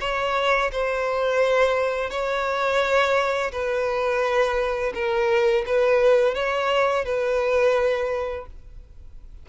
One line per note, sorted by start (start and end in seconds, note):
0.00 0.71 C#5
0.72 2.10 C5
2.10 3.51 C#5
3.51 4.93 B4
4.93 5.64 A#4
5.66 6.34 B4
6.34 7.05 C#5
7.05 8.46 B4